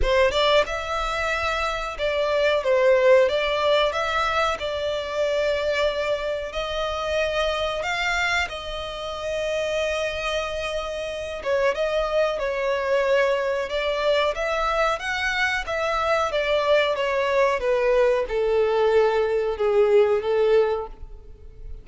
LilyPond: \new Staff \with { instrumentName = "violin" } { \time 4/4 \tempo 4 = 92 c''8 d''8 e''2 d''4 | c''4 d''4 e''4 d''4~ | d''2 dis''2 | f''4 dis''2.~ |
dis''4. cis''8 dis''4 cis''4~ | cis''4 d''4 e''4 fis''4 | e''4 d''4 cis''4 b'4 | a'2 gis'4 a'4 | }